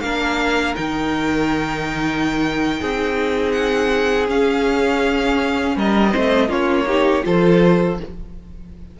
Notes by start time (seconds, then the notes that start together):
0.00 A#3 D4 A#4 F5
0.75 D#3 D#4 G5
2.79 C4 G#4
3.51 F#5
4.27 C#4 F5
5.76 G3 A#4 D#5
6.09 C4 C5
6.16 A3
6.48 A#3 C#4 F4 C#5
6.86 D#4 G4
7.22 F3 F4 A4 C5